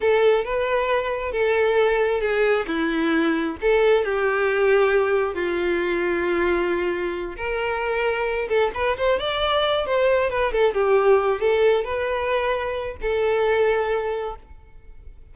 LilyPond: \new Staff \with { instrumentName = "violin" } { \time 4/4 \tempo 4 = 134 a'4 b'2 a'4~ | a'4 gis'4 e'2 | a'4 g'2. | f'1~ |
f'8 ais'2~ ais'8 a'8 b'8 | c''8 d''4. c''4 b'8 a'8 | g'4. a'4 b'4.~ | b'4 a'2. | }